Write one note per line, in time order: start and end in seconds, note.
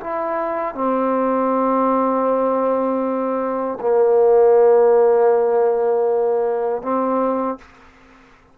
0.00 0.74 E4
0.74 3.78 C4
3.80 6.82 A#3
6.82 7.58 C4